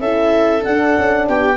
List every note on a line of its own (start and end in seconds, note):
0.00 0.63 C#4
0.00 0.61 E4
0.00 1.27 A4
0.00 0.63 E5
0.61 1.55 D4
0.61 0.98 D4
0.61 1.27 F#5
0.98 1.29 C#4
1.28 1.57 B3
1.28 1.57 G4
1.28 1.57 G5